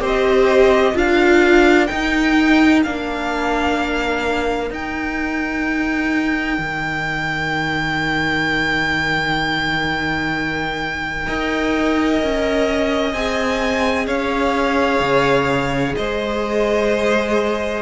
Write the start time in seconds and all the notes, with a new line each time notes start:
0.00 C4 G4 C5
0.06 D#5
0.94 D4 F4 A#4 F5
1.87 D#4 G5
2.83 A#3 D4 F5
4.70 D#4 G5
6.59 D#3
11.26 D#4 A#4 D#5
12.23 C#4
13.12 C4 G#4 G#5
14.07 C#4 C#5 F5
15.00 C#3
15.96 G#3 C5 D#5